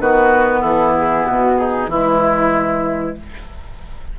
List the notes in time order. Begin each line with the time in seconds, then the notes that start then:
0.00 D#3 B3 F#4 B4
0.61 E3 E4 A4
0.97 G#4
1.26 B2 F#4
1.58 D#4 G#4
1.88 E3 G#3 E4